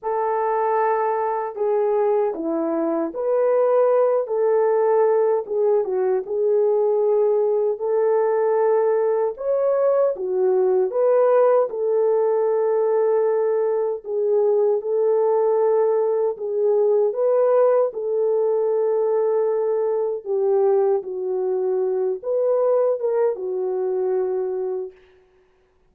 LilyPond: \new Staff \with { instrumentName = "horn" } { \time 4/4 \tempo 4 = 77 a'2 gis'4 e'4 | b'4. a'4. gis'8 fis'8 | gis'2 a'2 | cis''4 fis'4 b'4 a'4~ |
a'2 gis'4 a'4~ | a'4 gis'4 b'4 a'4~ | a'2 g'4 fis'4~ | fis'8 b'4 ais'8 fis'2 | }